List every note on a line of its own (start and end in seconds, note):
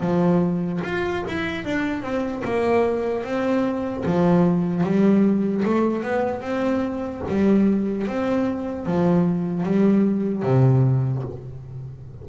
0.00 0.80 F3
0.83 1.23 F4
1.27 1.64 E4
1.64 2.02 D4
2.02 2.42 C4
2.44 3.24 A#3
3.24 4.04 C4
4.05 4.83 F3
4.83 5.63 G3
5.64 6.03 A3
6.03 6.41 B3
6.41 7.21 C4
7.28 8.07 G3
8.07 8.86 C4
8.86 9.63 F3
9.63 10.43 G3
10.43 11.23 C3